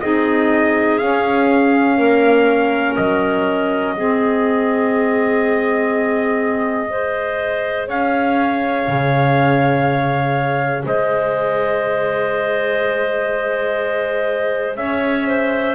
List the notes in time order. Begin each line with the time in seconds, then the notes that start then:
0.00 C4 D#4 G#4 D#5
0.98 C#4 F5
1.97 A#3 A#4
2.96 F#3 D#5
3.96 G#3 C4 G#4
6.87 G#4 C5
7.87 C#4 C#5 F5
8.87 C#3
10.85 G#3 C5 D#5
14.76 C#4 C#5 E5
15.27 C5